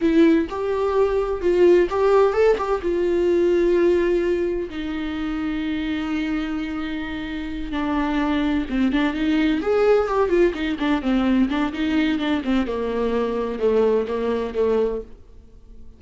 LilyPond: \new Staff \with { instrumentName = "viola" } { \time 4/4 \tempo 4 = 128 e'4 g'2 f'4 | g'4 a'8 g'8 f'2~ | f'2 dis'2~ | dis'1~ |
dis'8 d'2 c'8 d'8 dis'8~ | dis'8 gis'4 g'8 f'8 dis'8 d'8 c'8~ | c'8 d'8 dis'4 d'8 c'8 ais4~ | ais4 a4 ais4 a4 | }